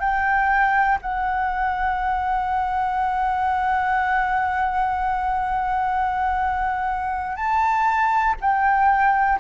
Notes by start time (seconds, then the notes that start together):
0.00 G5
1.02 F#5
7.37 A5
8.41 G5